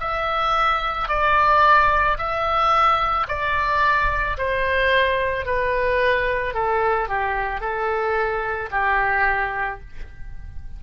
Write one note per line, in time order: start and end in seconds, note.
0.00 1.09 E5
1.09 2.18 D5
2.18 3.27 E5
3.28 4.37 D5
4.37 5.45 C5
5.45 6.54 B4
6.54 7.09 A4
7.09 7.60 G4
7.60 8.69 A4
8.71 9.80 G4